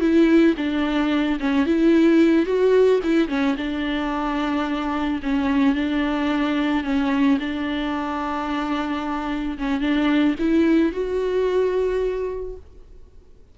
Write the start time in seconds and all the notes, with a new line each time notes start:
0.00 E4
0.57 D4
1.40 C#4
1.66 E4
2.46 F#4
3.03 E4
3.28 C#4
3.57 D4
5.23 C#4
5.75 D4
6.84 C#4
7.40 D4
9.58 C#4
9.81 D4
10.39 E4
10.92 F#4